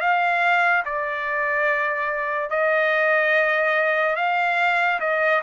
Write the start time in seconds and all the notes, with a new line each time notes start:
0.00 F5
0.85 D5
2.50 D#5
4.16 F5
5.00 D#5